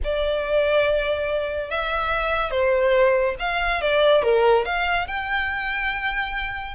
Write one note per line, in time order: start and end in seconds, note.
0.04 1.70 D5
1.70 2.50 E5
2.50 3.35 C5
3.39 3.81 F5
3.81 4.23 D5
4.23 4.65 A#4
4.65 5.07 F5
5.07 6.75 G5